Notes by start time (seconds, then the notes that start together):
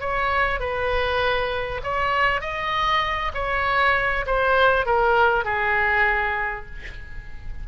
0.00 C#5
0.60 B4
1.83 C#5
2.41 D#5
3.34 C#5
4.26 C5
4.85 A#4
5.44 G#4